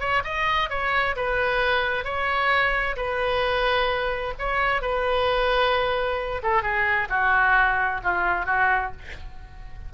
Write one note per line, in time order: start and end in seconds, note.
0.00 0.23 C#5
0.24 0.70 D#5
0.70 1.15 C#5
1.16 2.04 B4
2.04 2.96 C#5
2.96 4.34 B4
4.39 4.82 C#5
4.82 6.42 B4
6.43 6.62 A4
6.62 7.08 G#4
7.09 8.01 F#4
8.04 8.46 F4
8.46 8.91 F#4